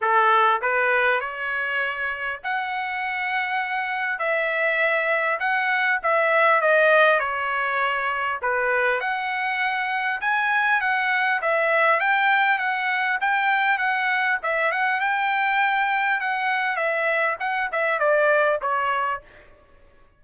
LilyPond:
\new Staff \with { instrumentName = "trumpet" } { \time 4/4 \tempo 4 = 100 a'4 b'4 cis''2 | fis''2. e''4~ | e''4 fis''4 e''4 dis''4 | cis''2 b'4 fis''4~ |
fis''4 gis''4 fis''4 e''4 | g''4 fis''4 g''4 fis''4 | e''8 fis''8 g''2 fis''4 | e''4 fis''8 e''8 d''4 cis''4 | }